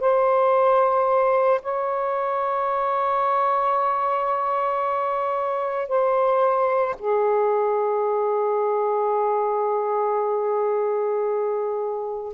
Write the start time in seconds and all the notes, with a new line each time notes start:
0.00 C5
1.62 C#5
5.88 C5
6.98 G#4